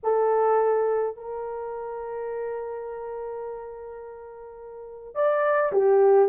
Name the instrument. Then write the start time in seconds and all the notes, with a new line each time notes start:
horn
0.03 A4
1.16 A#4
5.14 D5
5.72 G4